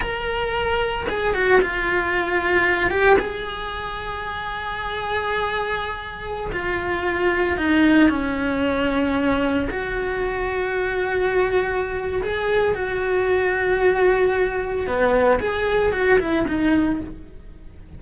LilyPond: \new Staff \with { instrumentName = "cello" } { \time 4/4 \tempo 4 = 113 ais'2 gis'8 fis'8 f'4~ | f'4. g'8 gis'2~ | gis'1~ | gis'16 f'2 dis'4 cis'8.~ |
cis'2~ cis'16 fis'4.~ fis'16~ | fis'2. gis'4 | fis'1 | b4 gis'4 fis'8 e'8 dis'4 | }